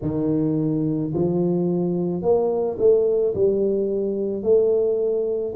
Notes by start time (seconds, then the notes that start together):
0.01 D#3
1.14 F3
2.22 A#3
2.78 A3
3.34 G3
4.42 A3